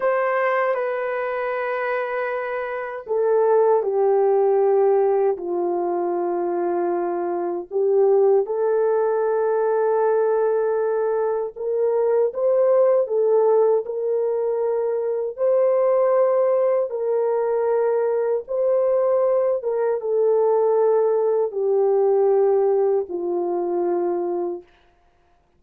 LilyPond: \new Staff \with { instrumentName = "horn" } { \time 4/4 \tempo 4 = 78 c''4 b'2. | a'4 g'2 f'4~ | f'2 g'4 a'4~ | a'2. ais'4 |
c''4 a'4 ais'2 | c''2 ais'2 | c''4. ais'8 a'2 | g'2 f'2 | }